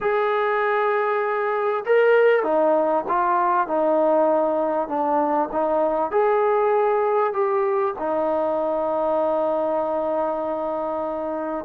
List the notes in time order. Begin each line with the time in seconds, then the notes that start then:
0.01 G#4
1.85 A#4
2.43 D#4
3.08 F4
3.67 D#4
4.88 D4
5.52 D#4
6.11 G#4
7.33 G4
7.98 D#4